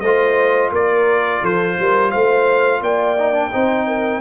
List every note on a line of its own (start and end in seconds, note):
0.00 0.71 A3
0.00 3.18 F4
0.00 0.72 C5
0.00 0.70 D#5
0.72 1.41 A#3
0.72 1.42 A#4
0.72 1.45 D5
1.42 1.77 F3
1.42 1.77 A4
1.42 2.11 C5
1.79 2.14 G3
1.79 2.10 A#4
2.10 2.81 A3
2.10 2.80 C5
2.10 2.81 F5
2.81 3.51 A#3
2.81 3.51 D5
2.81 4.20 G5
3.18 3.33 D#4
3.33 3.51 D4
3.52 4.20 C4
3.52 4.20 D#4
3.52 3.87 C5
3.87 4.20 A#4